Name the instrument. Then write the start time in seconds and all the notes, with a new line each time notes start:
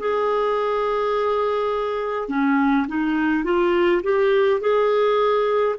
clarinet
0.00 G#4
2.29 C#4
2.88 D#4
3.45 F4
4.03 G4
4.61 G#4